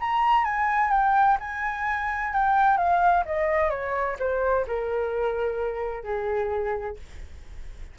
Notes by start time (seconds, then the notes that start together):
0.00 A#5
0.44 G#5
0.91 G5
1.40 G#5
2.33 G5
2.77 F5
3.25 D#5
3.70 C#5
4.19 C5
4.67 A#4
6.03 G#4